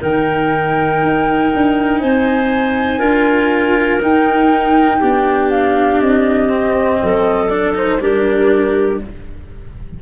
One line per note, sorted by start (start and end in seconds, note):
0.00 1.02 D#3
0.00 2.99 D#4
0.00 2.00 A#4
0.00 1.99 G5
1.02 1.52 D#4
1.54 2.02 D4
1.99 2.99 C4
1.99 2.99 C5
1.99 3.99 G#5
2.99 3.99 D4
2.99 3.99 F4
2.99 4.99 A#4
4.01 5.01 D#4
4.01 5.50 G5
4.99 6.00 B3
4.99 6.49 D4
4.99 6.99 G4
5.50 6.00 F5
6.00 7.00 C4
6.00 7.49 D#5
6.49 7.49 C4
7.02 7.99 F#3
7.02 8.01 A4
7.49 7.74 D4
7.49 7.74 D5
7.74 7.99 D#4
7.74 8.01 C5
7.99 8.99 G3
7.99 9.00 D4
7.99 9.01 G4
7.99 9.01 A#4